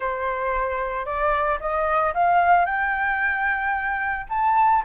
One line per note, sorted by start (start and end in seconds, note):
0.00 1.05 C5
1.05 1.59 D5
1.59 2.13 D#5
2.14 2.65 F5
2.65 4.26 G5
4.29 4.82 A5